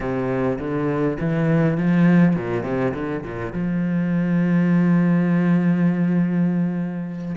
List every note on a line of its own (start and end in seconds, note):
0.00 0.58 C3
0.58 1.17 D3
1.20 1.77 E3
1.77 2.36 F3
2.36 2.63 A#2
2.63 2.92 C3
2.94 3.23 D3
3.23 3.52 A#2
3.52 7.35 F3